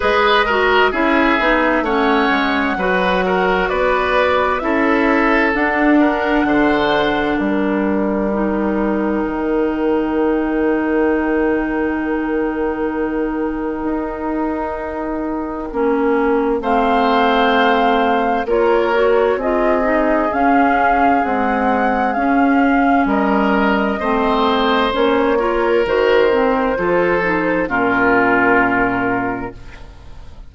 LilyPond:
<<
  \new Staff \with { instrumentName = "flute" } { \time 4/4 \tempo 4 = 65 dis''4 e''4 fis''2 | d''4 e''4 fis''2 | g''1~ | g''1~ |
g''2 f''2 | cis''4 dis''4 f''4 fis''4 | f''4 dis''2 cis''4 | c''2 ais'2 | }
  \new Staff \with { instrumentName = "oboe" } { \time 4/4 b'8 ais'8 gis'4 cis''4 b'8 ais'8 | b'4 a'4. ais'8 c''4 | ais'1~ | ais'1~ |
ais'2 c''2 | ais'4 gis'2.~ | gis'4 ais'4 c''4. ais'8~ | ais'4 a'4 f'2 | }
  \new Staff \with { instrumentName = "clarinet" } { \time 4/4 gis'8 fis'8 e'8 dis'8 cis'4 fis'4~ | fis'4 e'4 d'2~ | d'4 dis'2.~ | dis'1~ |
dis'4 cis'4 c'2 | f'8 fis'8 f'8 dis'8 cis'4 gis4 | cis'2 c'4 cis'8 f'8 | fis'8 c'8 f'8 dis'8 cis'2 | }
  \new Staff \with { instrumentName = "bassoon" } { \time 4/4 gis4 cis'8 b8 a8 gis8 fis4 | b4 cis'4 d'4 d4 | g2 dis2~ | dis2. dis'4~ |
dis'4 ais4 a2 | ais4 c'4 cis'4 c'4 | cis'4 g4 a4 ais4 | dis4 f4 ais,2 | }
>>